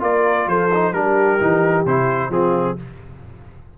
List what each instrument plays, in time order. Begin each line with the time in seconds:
0.00 tuba A#3, trombone F4, horn A#4, trumpet D5
0.47 tuba F3, horn A4, trumpet C5
0.74 trombone D#4
0.93 tuba G3, trombone D4, horn G4, trumpet A#4
1.40 tuba E3, trombone D#4
1.85 tuba C3, trombone E4, trumpet C5
2.30 tuba F3, trombone C4, horn F4, trumpet G#4